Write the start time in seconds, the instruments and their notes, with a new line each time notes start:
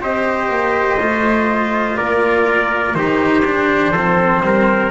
0.00 double bass C4, cello G4, trumpet C5 D#5
0.49 double bass A#3
0.99 double bass A3, cello F4
1.96 double bass A#3, trumpet A#4 D5
2.94 double bass D#3, cello D#4, trumpet G4 C5
3.45 cello D4
3.91 double bass F3, cello C4, trumpet A4
4.41 double bass G3, trumpet A#4